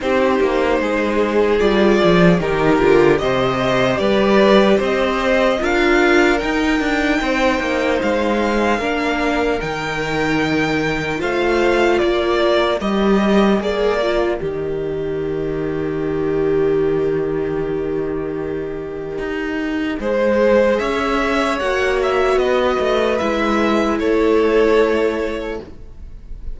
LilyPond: <<
  \new Staff \with { instrumentName = "violin" } { \time 4/4 \tempo 4 = 75 c''2 d''4 ais'4 | dis''4 d''4 dis''4 f''4 | g''2 f''2 | g''2 f''4 d''4 |
dis''4 d''4 dis''2~ | dis''1~ | dis''2 e''4 fis''8 e''8 | dis''4 e''4 cis''2 | }
  \new Staff \with { instrumentName = "violin" } { \time 4/4 g'4 gis'2 g'4 | c''4 b'4 c''4 ais'4~ | ais'4 c''2 ais'4~ | ais'2 c''4 ais'4~ |
ais'1~ | ais'1~ | ais'4 c''4 cis''2 | b'2 a'2 | }
  \new Staff \with { instrumentName = "viola" } { \time 4/4 dis'2 f'4 dis'8 f'8 | g'2. f'4 | dis'2. d'4 | dis'2 f'2 |
g'4 gis'8 f'8 g'2~ | g'1~ | g'4 gis'2 fis'4~ | fis'4 e'2. | }
  \new Staff \with { instrumentName = "cello" } { \time 4/4 c'8 ais8 gis4 g8 f8 dis8 d8 | c4 g4 c'4 d'4 | dis'8 d'8 c'8 ais8 gis4 ais4 | dis2 a4 ais4 |
g4 ais4 dis2~ | dis1 | dis'4 gis4 cis'4 ais4 | b8 a8 gis4 a2 | }
>>